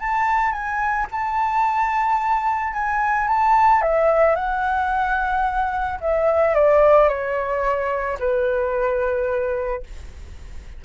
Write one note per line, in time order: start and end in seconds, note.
0.00 0.52 A5
0.52 1.07 G#5
1.12 2.73 A5
2.73 3.28 G#5
3.28 3.82 A5
3.82 4.36 E5
4.36 6.00 F#5
6.01 6.55 E5
6.55 7.09 D5
7.09 8.18 C#5
8.19 9.83 B4